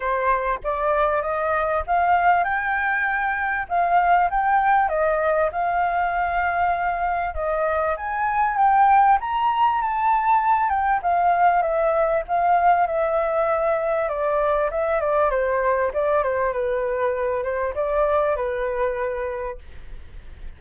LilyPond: \new Staff \with { instrumentName = "flute" } { \time 4/4 \tempo 4 = 98 c''4 d''4 dis''4 f''4 | g''2 f''4 g''4 | dis''4 f''2. | dis''4 gis''4 g''4 ais''4 |
a''4. g''8 f''4 e''4 | f''4 e''2 d''4 | e''8 d''8 c''4 d''8 c''8 b'4~ | b'8 c''8 d''4 b'2 | }